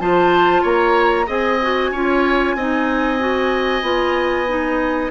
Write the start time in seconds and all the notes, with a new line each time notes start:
0.00 F3 F4 C5 A5
0.63 A#3 C#5 A#5
1.26 C4 G#4 D#5 G#5
1.63 F#4
1.91 C#4 F4 C#5
2.55 C4 D#4 D#5
3.20 F#4
3.83 B3 F4
4.48 D#4